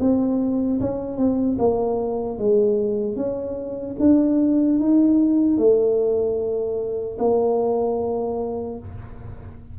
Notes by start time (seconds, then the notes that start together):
0.00 C4
0.80 C#4
1.17 C4
1.59 A#3
2.39 G#3
3.16 C#4
4.00 D4
4.79 D#4
5.57 A3
7.19 A#3